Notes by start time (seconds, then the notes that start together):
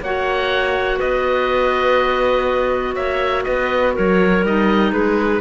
0.00 A#3 F#4 C#5 F#5
0.97 B3 B4 D#5
2.94 A#3 C#5 E5
3.43 B3 B4 D#5
3.93 F#3 A#4 C#5
4.43 G3 D#4 D#5
4.91 G#3 G#4 B4